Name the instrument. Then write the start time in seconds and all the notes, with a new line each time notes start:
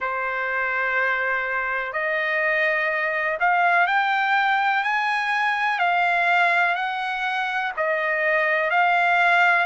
trumpet
0.00 C5
1.93 D#5
3.40 F5
3.87 G5
4.83 G#5
5.78 F5
6.75 F#5
7.76 D#5
8.70 F5